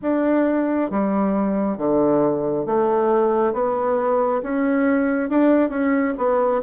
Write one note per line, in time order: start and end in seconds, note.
0.02 0.90 D4
0.90 1.77 G3
1.77 2.66 D3
2.66 3.53 A3
3.53 4.41 B3
4.42 5.29 C#4
5.29 5.69 D4
5.69 6.13 C#4
6.17 6.61 B3